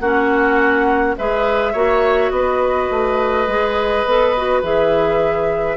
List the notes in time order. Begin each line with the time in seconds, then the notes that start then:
0.00 A#3 C#4 F#4 F#5
1.18 G#3 G#4 B4 E5
1.73 A#3 F#4 C#5
2.31 B3 B4 D#5
2.91 A3
3.47 G#3 G#4
4.05 B3 A4
4.37 F#4
4.63 E3 G#4 E5